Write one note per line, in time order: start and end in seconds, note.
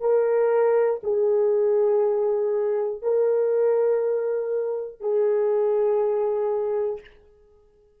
0.00 1.00 A#4
1.03 3.01 G#4
3.01 5.00 A#4
5.00 7.00 G#4